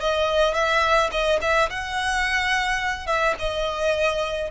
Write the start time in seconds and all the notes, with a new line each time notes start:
0.00 D#5
0.54 E5
1.11 D#5
1.41 E5
1.70 F#5
3.06 E5
3.39 D#5